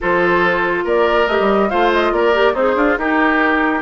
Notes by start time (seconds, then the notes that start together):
0.01 F3 F4 A4 C5
0.84 A#3 A#4 D5
1.27 A3 G4 D#5
1.40 G3
1.69 A3 F4 C5 F5
1.93 D#5
2.12 A#3 A#4 D5
2.33 G4
2.53 C4 D#4 G#4 C5
2.75 D4 F4
2.97 D#4 G4 A#4